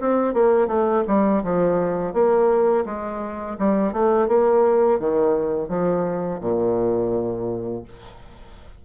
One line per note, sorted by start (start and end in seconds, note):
0.00 0.33 C4
0.33 0.67 A#3
0.67 1.03 A3
1.07 1.43 G3
1.43 2.13 F3
2.13 2.84 A#3
2.85 3.56 G#3
3.58 3.92 G3
3.92 4.28 A3
4.28 4.99 A#3
4.99 5.69 D#3
5.69 6.40 F3
6.40 7.83 A#2